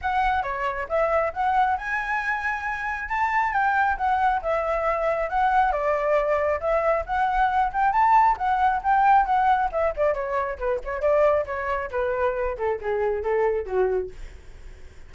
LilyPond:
\new Staff \with { instrumentName = "flute" } { \time 4/4 \tempo 4 = 136 fis''4 cis''4 e''4 fis''4 | gis''2. a''4 | g''4 fis''4 e''2 | fis''4 d''2 e''4 |
fis''4. g''8 a''4 fis''4 | g''4 fis''4 e''8 d''8 cis''4 | b'8 cis''8 d''4 cis''4 b'4~ | b'8 a'8 gis'4 a'4 fis'4 | }